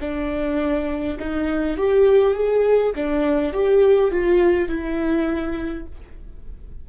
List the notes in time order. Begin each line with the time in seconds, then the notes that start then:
0.00 D4
1.19 D#4
1.76 G4
2.34 G#4
2.95 D4
3.52 G4
4.11 F4
4.68 E4